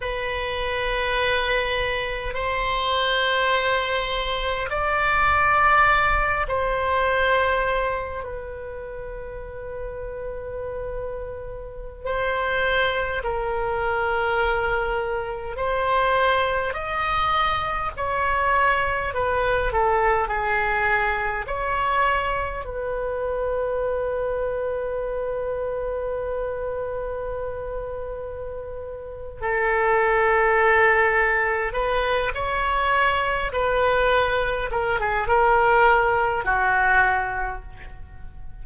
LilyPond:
\new Staff \with { instrumentName = "oboe" } { \time 4/4 \tempo 4 = 51 b'2 c''2 | d''4. c''4. b'4~ | b'2~ b'16 c''4 ais'8.~ | ais'4~ ais'16 c''4 dis''4 cis''8.~ |
cis''16 b'8 a'8 gis'4 cis''4 b'8.~ | b'1~ | b'4 a'2 b'8 cis''8~ | cis''8 b'4 ais'16 gis'16 ais'4 fis'4 | }